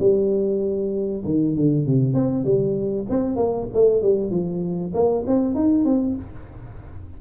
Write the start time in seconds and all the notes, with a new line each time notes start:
0.00 G3
1.25 D#3
1.56 D3
1.86 C3
2.15 C4
2.45 G3
3.10 C4
3.36 A#3
3.75 A3
4.02 G3
4.31 F3
4.95 A#3
5.27 C4
5.55 D#4
5.85 C4